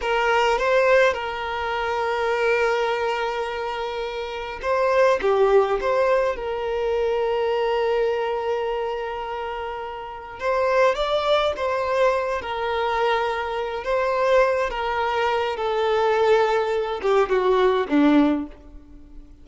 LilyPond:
\new Staff \with { instrumentName = "violin" } { \time 4/4 \tempo 4 = 104 ais'4 c''4 ais'2~ | ais'1 | c''4 g'4 c''4 ais'4~ | ais'1~ |
ais'2 c''4 d''4 | c''4. ais'2~ ais'8 | c''4. ais'4. a'4~ | a'4. g'8 fis'4 d'4 | }